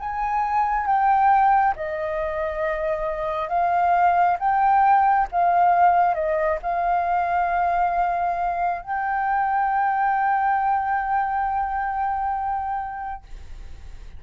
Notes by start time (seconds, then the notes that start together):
0.00 G#5
0.87 G5
1.76 D#5
3.49 F5
4.40 G5
5.32 F5
6.14 D#5
6.63 F5
8.82 G5